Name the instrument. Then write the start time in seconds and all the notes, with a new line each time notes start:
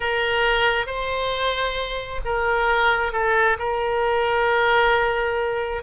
oboe
0.00 A#4
0.86 C5
2.24 A#4
3.12 A4
3.58 A#4